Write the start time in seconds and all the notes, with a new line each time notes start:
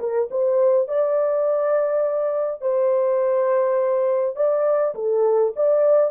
0.00 A#4
0.31 C5
0.88 D5
2.62 C5
4.36 D5
4.95 A4
5.56 D5